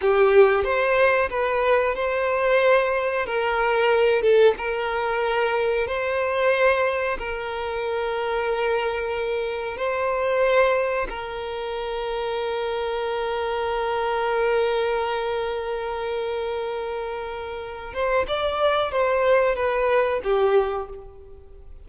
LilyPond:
\new Staff \with { instrumentName = "violin" } { \time 4/4 \tempo 4 = 92 g'4 c''4 b'4 c''4~ | c''4 ais'4. a'8 ais'4~ | ais'4 c''2 ais'4~ | ais'2. c''4~ |
c''4 ais'2.~ | ais'1~ | ais'2.~ ais'8 c''8 | d''4 c''4 b'4 g'4 | }